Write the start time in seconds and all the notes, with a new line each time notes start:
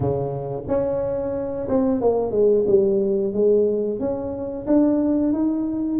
0.00 C#3
0.67 C#4
1.68 C4
2.01 A#3
2.31 G#3
2.67 G3
3.33 G#3
3.99 C#4
4.66 D4
5.32 D#4